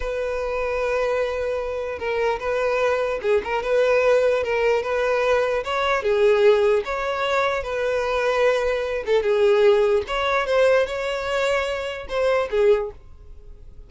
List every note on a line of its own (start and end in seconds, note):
0.00 1.98 B4
1.98 2.39 A#4
2.39 3.20 B4
3.21 3.42 G#4
3.44 3.62 A#4
3.62 4.43 B4
4.43 4.82 A#4
4.82 5.63 B4
5.64 6.02 C#5
6.02 6.83 G#4
6.85 7.63 C#5
7.63 9.04 B4
9.06 9.22 A4
9.22 10.03 G#4
10.07 10.46 C#5
10.46 10.86 C5
10.86 12.07 C#5
12.08 12.48 C5
12.50 12.91 G#4